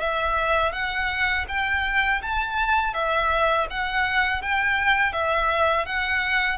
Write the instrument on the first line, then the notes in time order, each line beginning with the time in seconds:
violin
0.00 E5
0.72 F#5
1.48 G5
2.22 A5
2.94 E5
3.70 F#5
4.42 G5
5.13 E5
5.86 F#5